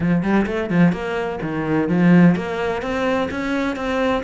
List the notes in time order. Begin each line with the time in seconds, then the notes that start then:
0.00 F3
0.22 G3
0.46 A3
0.69 F3
0.92 A#3
1.42 D#3
1.88 F3
2.35 A#3
2.81 C4
3.30 C#4
3.76 C4